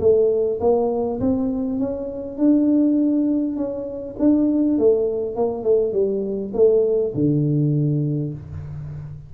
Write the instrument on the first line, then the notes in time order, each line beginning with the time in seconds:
tuba
0.00 A3
0.60 A#3
1.20 C4
1.79 C#4
2.38 D4
3.57 C#4
4.19 D4
4.78 A3
5.36 A#3
5.64 A3
5.93 G3
6.54 A3
7.15 D3